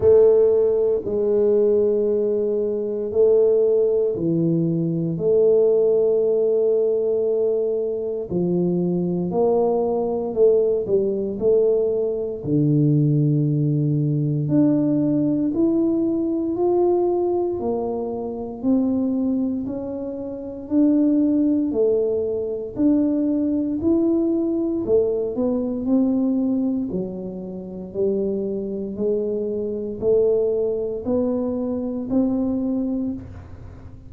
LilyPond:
\new Staff \with { instrumentName = "tuba" } { \time 4/4 \tempo 4 = 58 a4 gis2 a4 | e4 a2. | f4 ais4 a8 g8 a4 | d2 d'4 e'4 |
f'4 ais4 c'4 cis'4 | d'4 a4 d'4 e'4 | a8 b8 c'4 fis4 g4 | gis4 a4 b4 c'4 | }